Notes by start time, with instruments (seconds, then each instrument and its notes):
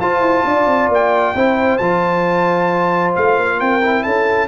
0.00 tuba F4, trombone F4, horn C5, trumpet A5
0.20 tuba E4
0.44 tuba D4, horn D5
0.66 tuba C4
0.88 tuba A#3, trumpet G5
1.34 tuba C4, trombone E4, horn C5
1.77 tuba F3, trombone F4, trumpet A5
3.15 tuba A3, trumpet F5
3.38 tuba A#3
3.59 tuba C4, horn A#4, trumpet G5
3.82 trombone E4
4.03 tuba C#4, horn A4, trumpet A5